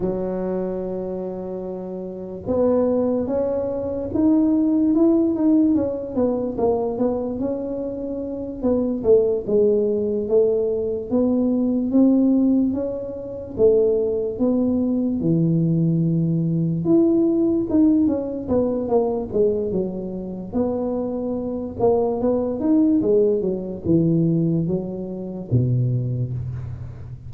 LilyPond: \new Staff \with { instrumentName = "tuba" } { \time 4/4 \tempo 4 = 73 fis2. b4 | cis'4 dis'4 e'8 dis'8 cis'8 b8 | ais8 b8 cis'4. b8 a8 gis8~ | gis8 a4 b4 c'4 cis'8~ |
cis'8 a4 b4 e4.~ | e8 e'4 dis'8 cis'8 b8 ais8 gis8 | fis4 b4. ais8 b8 dis'8 | gis8 fis8 e4 fis4 b,4 | }